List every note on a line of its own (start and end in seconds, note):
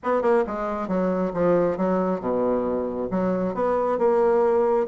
0.03 0.21 B3
0.21 0.44 A#3
0.47 0.87 G#3
0.87 1.32 F#3
1.33 1.77 F3
1.77 2.20 F#3
2.20 3.08 B2
3.10 3.54 F#3
3.54 3.98 B3
3.98 4.86 A#3